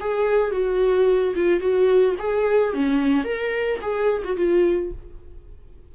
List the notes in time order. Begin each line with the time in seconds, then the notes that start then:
0.00 G#4
0.51 F#4
1.35 F4
1.60 F#4
2.19 G#4
2.74 C#4
3.24 A#4
3.81 G#4
4.24 F#4
4.36 F4